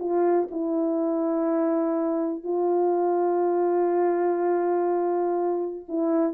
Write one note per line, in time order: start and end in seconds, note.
0.00 0.49 F4
0.51 2.44 E4
2.44 5.86 F4
5.89 6.34 E4